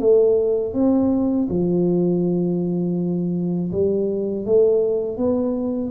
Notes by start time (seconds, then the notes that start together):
0.00 A3
0.74 C4
1.49 F3
3.72 G3
4.45 A3
5.18 B3